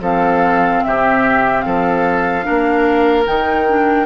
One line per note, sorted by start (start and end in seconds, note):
0.00 0.81 F3
0.00 2.42 C4
0.00 0.82 A4
0.00 0.84 F5
0.84 1.65 C3
0.84 1.65 G4
0.84 1.61 E5
1.61 2.46 F3
1.61 2.45 A4
1.61 3.23 F5
2.42 3.23 D4
2.42 4.05 A#4
2.49 3.27 A#3
3.25 4.05 D#3
3.25 3.66 D#4
3.25 4.05 G5
3.68 4.05 D4